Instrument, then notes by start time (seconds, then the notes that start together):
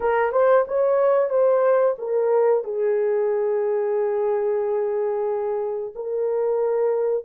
horn
0.00 A#4
0.32 C5
0.67 C#5
1.29 C5
1.98 A#4
2.63 G#4
5.95 A#4